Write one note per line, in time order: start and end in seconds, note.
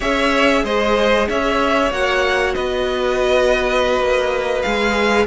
0.00 0.64 C#4
0.00 1.89 G#4
0.00 0.62 C#5
0.00 0.64 E5
0.64 1.28 G#3
0.64 1.28 C5
0.64 1.28 D#5
1.28 1.90 C#4
1.28 2.55 C#5
1.28 1.92 E5
1.90 2.54 A#3
1.90 4.63 F#4
1.90 2.54 F#5
2.54 3.99 B3
2.54 5.26 B4
2.54 4.61 D#5
3.99 4.63 A#3
4.62 5.26 G#3
4.62 5.26 G#4
4.62 5.25 F5